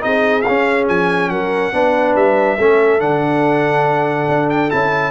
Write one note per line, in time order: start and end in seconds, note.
0.00 0.47 C4
0.00 0.43 D#4
0.00 1.31 G#4
0.00 0.41 D#5
0.41 0.84 F5
0.47 1.72 C#4
0.47 0.88 C#4
0.88 1.29 F3
0.88 1.30 G#5
1.29 1.72 F#3
1.29 1.73 A#4
1.29 2.15 F#5
1.72 2.15 B3
1.72 2.58 D4
1.72 2.58 B4
2.15 2.58 G3
2.15 3.00 E5
2.58 3.00 A3
2.58 2.99 C#4
2.58 5.11 A4
2.99 4.28 D3
2.99 4.69 D4
2.99 4.49 F#5
4.28 4.71 D4
4.50 4.70 G5
4.69 5.11 C#4
4.69 5.11 E4
4.69 5.11 A5